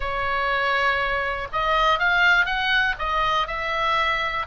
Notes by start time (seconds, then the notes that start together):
0.00 C#5
1.52 D#5
1.99 F5
2.45 F#5
2.98 D#5
3.47 E5